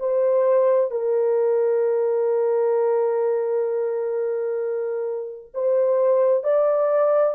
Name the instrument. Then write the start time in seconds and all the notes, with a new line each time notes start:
horn
0.00 C5
0.91 A#4
5.55 C5
6.44 D5